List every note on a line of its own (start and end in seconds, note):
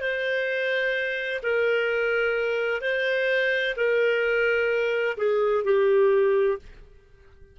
0.00 1.41 C5
1.42 2.81 A#4
2.81 3.75 C5
3.76 5.16 A#4
5.17 5.64 G#4
5.64 6.58 G4